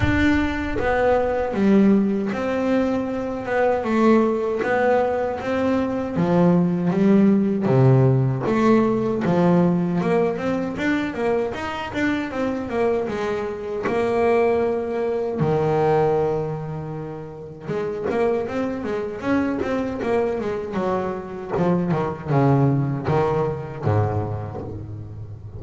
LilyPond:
\new Staff \with { instrumentName = "double bass" } { \time 4/4 \tempo 4 = 78 d'4 b4 g4 c'4~ | c'8 b8 a4 b4 c'4 | f4 g4 c4 a4 | f4 ais8 c'8 d'8 ais8 dis'8 d'8 |
c'8 ais8 gis4 ais2 | dis2. gis8 ais8 | c'8 gis8 cis'8 c'8 ais8 gis8 fis4 | f8 dis8 cis4 dis4 gis,4 | }